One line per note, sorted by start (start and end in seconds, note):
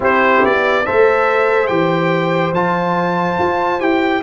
0.00 0.42 C4
0.00 0.85 E4
0.00 0.85 G4
0.00 0.45 C5
0.44 0.86 B3
0.44 0.86 D5
0.85 1.69 A3
0.85 1.68 A4
0.85 4.22 C5
0.85 1.67 E5
1.67 2.52 E3
1.67 2.52 G4
1.67 2.51 G5
2.52 3.37 F3
2.52 3.80 F4
2.52 3.80 A5
3.39 3.80 F4
3.80 4.22 E4
3.80 4.22 G4
3.80 4.22 G5